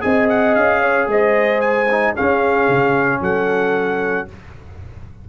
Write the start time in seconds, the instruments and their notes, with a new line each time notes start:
0.00 tuba C4, trombone G#4, horn D#5, trumpet G#5
0.29 trumpet F#5
0.55 tuba C#4, trumpet F5
0.81 horn C#5
1.07 tuba G#3, horn C5, trumpet D#5
1.60 trumpet G#5
1.91 trombone D#4
2.15 trombone C#4, tuba C#4, horn G#4, trumpet F5
2.68 tuba C#3
3.21 tuba F#3, horn A4, trumpet F#5